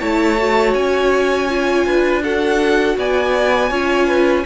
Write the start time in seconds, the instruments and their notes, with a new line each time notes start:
0.00 cello A3, viola E4, violin C#5 A5
0.37 viola F#4
0.74 cello C#4, violin G#5
1.48 viola F4
1.85 cello D4, violin B4
2.23 viola F#4, violin A4 F#5
2.97 cello B3, violin D5 G#5
3.69 cello C#4, viola F4, violin C#5
4.06 violin B4